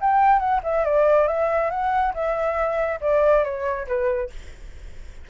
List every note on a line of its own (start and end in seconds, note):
0.00 0.39 G5
0.39 0.60 F#5
0.63 0.84 E5
0.84 1.27 D5
1.28 1.70 E5
1.70 2.13 F#5
2.14 2.99 E5
3.01 3.44 D5
3.44 3.87 C#5
3.87 4.30 B4